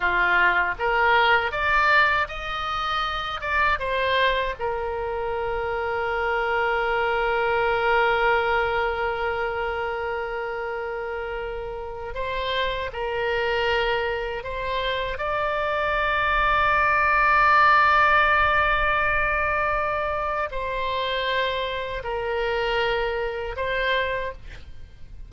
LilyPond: \new Staff \with { instrumentName = "oboe" } { \time 4/4 \tempo 4 = 79 f'4 ais'4 d''4 dis''4~ | dis''8 d''8 c''4 ais'2~ | ais'1~ | ais'1 |
c''4 ais'2 c''4 | d''1~ | d''2. c''4~ | c''4 ais'2 c''4 | }